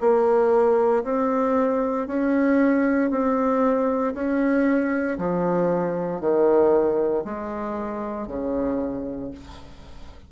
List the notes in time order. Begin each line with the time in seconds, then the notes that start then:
0.00 A#3
1.04 C4
2.07 C#4
3.10 C4
4.14 C#4
5.18 F3
6.20 D#3
7.24 G#3
8.27 C#3